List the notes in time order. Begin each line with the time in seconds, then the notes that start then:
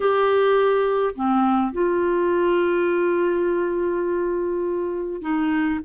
0.00 G4
1.15 C4
1.72 F4
5.21 D#4